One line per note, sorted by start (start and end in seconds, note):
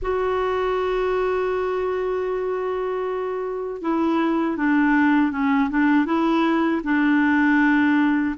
0.01 3.81 F#4
3.81 4.56 E4
4.56 5.31 D4
5.31 5.69 C#4
5.70 6.06 D4
6.06 6.81 E4
6.83 8.35 D4